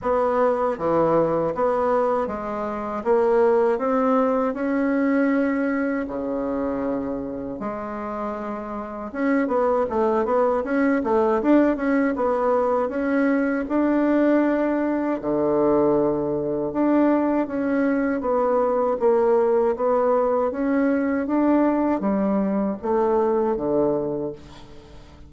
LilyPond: \new Staff \with { instrumentName = "bassoon" } { \time 4/4 \tempo 4 = 79 b4 e4 b4 gis4 | ais4 c'4 cis'2 | cis2 gis2 | cis'8 b8 a8 b8 cis'8 a8 d'8 cis'8 |
b4 cis'4 d'2 | d2 d'4 cis'4 | b4 ais4 b4 cis'4 | d'4 g4 a4 d4 | }